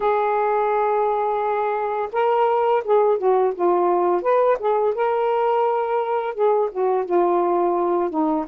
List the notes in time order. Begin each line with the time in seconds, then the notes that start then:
0.00 G#4
2.12 A#4
2.84 G#4
3.18 F#4
3.55 F4
4.22 B4
4.59 G#4
4.94 A#4
6.34 G#4
6.71 F#4
7.05 F4
8.10 D#4